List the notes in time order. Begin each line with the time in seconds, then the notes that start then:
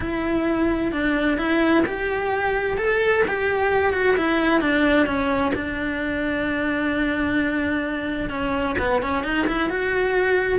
0.00 E4
0.92 D4
1.37 E4
1.86 G4
2.77 A4
3.27 G4
3.93 F#4
4.16 E4
4.60 D4
5.06 C#4
5.54 D4
8.29 C#4
8.78 B3
9.01 C#4
9.23 D#4
9.47 E4
9.69 F#4